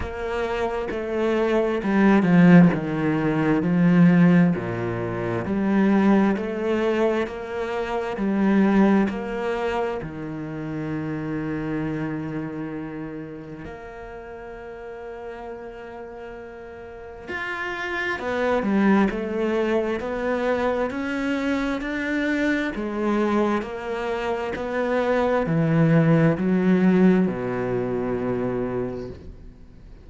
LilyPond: \new Staff \with { instrumentName = "cello" } { \time 4/4 \tempo 4 = 66 ais4 a4 g8 f8 dis4 | f4 ais,4 g4 a4 | ais4 g4 ais4 dis4~ | dis2. ais4~ |
ais2. f'4 | b8 g8 a4 b4 cis'4 | d'4 gis4 ais4 b4 | e4 fis4 b,2 | }